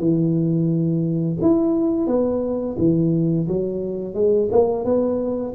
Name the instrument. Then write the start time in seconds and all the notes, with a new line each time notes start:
tuba
0.00 E3
1.42 E4
2.08 B3
2.79 E3
3.48 F#3
4.14 G#3
4.52 A#3
4.85 B3